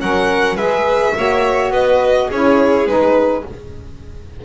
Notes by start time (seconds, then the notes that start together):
0.00 F#3 C#4 A#4 F#5
0.56 G#3 G#4 B4 E5
1.16 A#3 F#4 C#5
1.71 B3 B4 D#5
2.28 C#4 E4 G#4 C#5
2.86 G#3 D#4 B4